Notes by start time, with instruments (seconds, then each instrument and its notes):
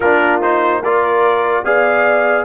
0.00 tuba A#3, trombone D4, horn F4, trumpet A#4
0.42 trombone D#4, trumpet C5
0.82 trombone F4, horn A#4, trumpet D5
1.64 tuba B3, trombone G#4, horn D5, trumpet F5